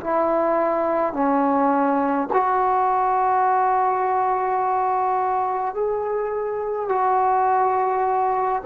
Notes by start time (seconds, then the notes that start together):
0.00 E4
1.13 C#4
2.32 F#4
5.74 G#4
6.88 F#4